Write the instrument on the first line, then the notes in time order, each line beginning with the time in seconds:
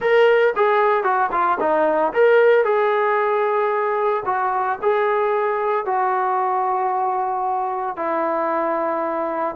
trombone
0.00 A#4
0.56 G#4
1.03 F#4
1.31 F4
1.59 D#4
2.13 A#4
2.64 G#4
4.25 F#4
4.82 G#4
5.85 F#4
7.96 E4